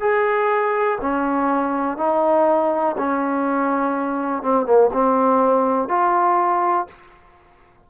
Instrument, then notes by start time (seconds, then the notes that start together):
trombone
0.00 G#4
1.01 C#4
1.97 D#4
2.97 C#4
4.42 C4
4.65 A#3
4.92 C4
5.88 F4